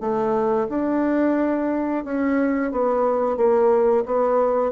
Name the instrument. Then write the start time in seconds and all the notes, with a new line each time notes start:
bassoon
0.00 A3
0.69 D4
2.04 C#4
2.71 B3
3.36 A#3
4.05 B3